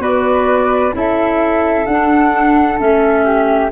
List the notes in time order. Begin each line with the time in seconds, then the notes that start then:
0.00 B3 F#4 B4 D5
0.93 C#4 E4 A4 E5
1.86 D4 F#5
2.78 A3 C#4 E5
3.25 G4